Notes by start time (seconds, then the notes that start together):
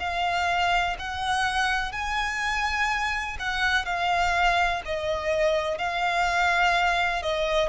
0.00 F5
0.99 F#5
1.93 G#5
3.40 F#5
3.85 F5
4.85 D#5
5.78 F5
7.23 D#5